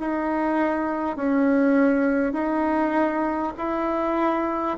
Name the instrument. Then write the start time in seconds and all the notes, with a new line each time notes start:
bassoon
0.00 D#4
1.17 C#4
2.33 D#4
3.58 E4